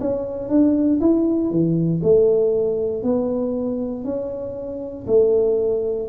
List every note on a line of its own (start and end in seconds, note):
0.00 0.49 C#4
0.49 0.99 D4
1.01 1.51 E4
1.51 2.02 E3
2.03 3.03 A3
3.03 4.04 B3
4.04 5.06 C#4
5.07 6.08 A3